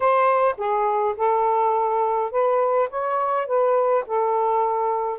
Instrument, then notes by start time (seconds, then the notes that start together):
saxophone
0.00 C5
0.57 G#4
1.17 A4
2.31 B4
2.90 C#5
3.46 B4
4.06 A4